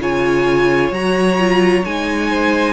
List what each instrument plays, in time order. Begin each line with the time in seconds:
0.00 cello C#3, viola F4, violin C#5 G#5
0.92 cello F#3, viola F#4, violin A#5
1.39 viola F4
1.85 cello G#3, viola D#4, violin G#5
2.31 violin C5